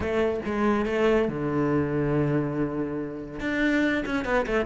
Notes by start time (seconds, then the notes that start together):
0.00 A3
0.45 G#3
0.85 A3
1.28 D3
3.40 D4
4.05 C#4
4.24 B3
4.46 A3